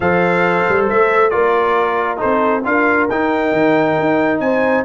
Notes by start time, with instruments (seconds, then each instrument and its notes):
0.00 tuba F3, trombone A4, horn C5, trumpet F5
0.68 tuba G3
0.89 tuba A3, trumpet E5
1.30 tuba A#3, trombone F4, horn A#4, trumpet D5
2.17 trombone D#4, horn A4, trumpet C5
2.23 tuba C4
2.64 tuba D4, trombone F4, horn A#4, trumpet F5
3.09 tuba D#4, trombone D#4, trumpet G5
3.52 tuba D#3
3.99 tuba D#4
4.39 tuba C4, horn C5, trumpet G#5